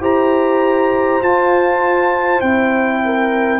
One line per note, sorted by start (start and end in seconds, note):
0.00 1.20 E4
0.00 1.21 G4
0.00 3.01 C5
0.00 1.22 A#5
1.21 2.41 F4
1.21 2.42 F4
1.21 2.41 A5
2.41 3.60 C4
2.41 3.60 E4
2.41 3.60 G5
3.04 3.60 A#4